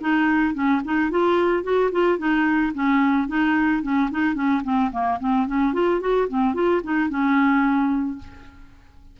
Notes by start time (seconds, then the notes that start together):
0.00 D#4
0.54 C#4
0.84 D#4
1.10 F4
1.63 F#4
1.91 F4
2.18 D#4
2.74 C#4
3.28 D#4
3.82 C#4
4.11 D#4
4.34 C#4
4.63 C4
4.91 A#3
5.20 C4
5.46 C#4
5.73 F4
6.00 F#4
6.28 C4
6.54 F4
6.83 D#4
7.09 C#4